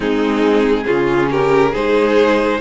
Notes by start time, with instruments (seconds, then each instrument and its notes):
0.00 cello G#3, viola C4, violin D#4 G#4
0.85 cello C#3, viola C#4, violin F4
1.30 violin G4 A#4
1.71 cello G#3, viola D#4, violin G#4 C5